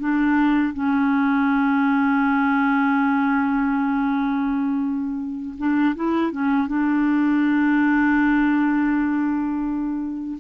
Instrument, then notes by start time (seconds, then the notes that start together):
clarinet
0.00 D4
0.74 C#4
5.58 D4
5.96 E4
6.32 C#4
6.68 D4